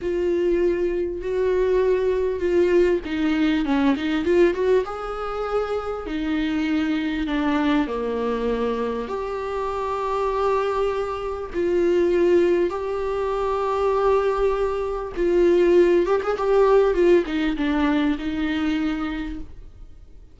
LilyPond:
\new Staff \with { instrumentName = "viola" } { \time 4/4 \tempo 4 = 99 f'2 fis'2 | f'4 dis'4 cis'8 dis'8 f'8 fis'8 | gis'2 dis'2 | d'4 ais2 g'4~ |
g'2. f'4~ | f'4 g'2.~ | g'4 f'4. g'16 gis'16 g'4 | f'8 dis'8 d'4 dis'2 | }